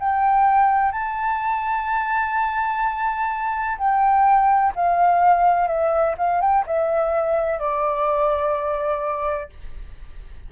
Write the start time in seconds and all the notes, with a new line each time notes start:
0.00 G5
0.92 A5
3.78 G5
4.75 F5
5.68 E5
6.18 F5
6.41 G5
6.67 E5
7.59 D5